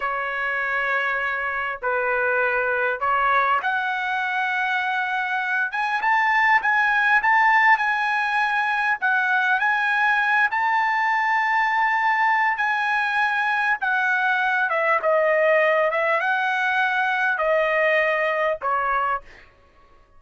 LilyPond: \new Staff \with { instrumentName = "trumpet" } { \time 4/4 \tempo 4 = 100 cis''2. b'4~ | b'4 cis''4 fis''2~ | fis''4. gis''8 a''4 gis''4 | a''4 gis''2 fis''4 |
gis''4. a''2~ a''8~ | a''4 gis''2 fis''4~ | fis''8 e''8 dis''4. e''8 fis''4~ | fis''4 dis''2 cis''4 | }